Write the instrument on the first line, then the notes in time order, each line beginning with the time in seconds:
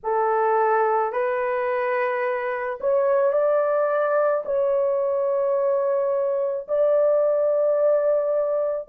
horn
0.03 A4
1.12 B4
2.80 C#5
3.32 D5
4.44 C#5
6.68 D5